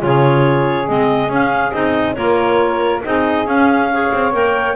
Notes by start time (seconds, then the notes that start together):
0.00 C#3 F4 G#4 C#5
0.87 G#3 C4 D#5
1.29 C#4 F5
1.73 C4 D#4 D#5
2.14 A#3 F4 A#4 C#5
3.04 C4 D#4 G#4 D#5
3.47 C#4 F5
3.92 G#4 C#5
4.13 C4
4.33 A#3 A#4 G5